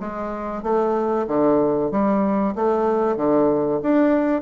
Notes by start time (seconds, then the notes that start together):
0.00 G#3
0.63 A3
1.27 D3
1.91 G3
2.55 A3
3.17 D3
3.82 D4